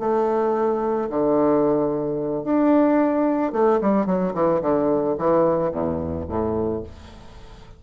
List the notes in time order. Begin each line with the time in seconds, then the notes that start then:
0.00 A3
1.10 D3
2.44 D4
3.53 A3
3.82 G3
4.07 F#3
4.34 E3
4.62 D3
5.18 E3
5.72 E2
6.29 A2